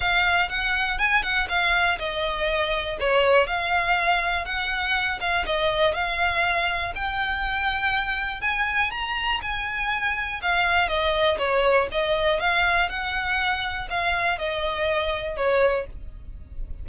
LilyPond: \new Staff \with { instrumentName = "violin" } { \time 4/4 \tempo 4 = 121 f''4 fis''4 gis''8 fis''8 f''4 | dis''2 cis''4 f''4~ | f''4 fis''4. f''8 dis''4 | f''2 g''2~ |
g''4 gis''4 ais''4 gis''4~ | gis''4 f''4 dis''4 cis''4 | dis''4 f''4 fis''2 | f''4 dis''2 cis''4 | }